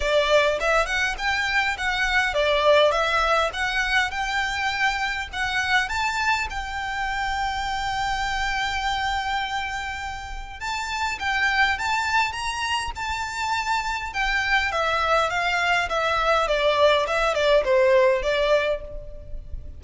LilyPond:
\new Staff \with { instrumentName = "violin" } { \time 4/4 \tempo 4 = 102 d''4 e''8 fis''8 g''4 fis''4 | d''4 e''4 fis''4 g''4~ | g''4 fis''4 a''4 g''4~ | g''1~ |
g''2 a''4 g''4 | a''4 ais''4 a''2 | g''4 e''4 f''4 e''4 | d''4 e''8 d''8 c''4 d''4 | }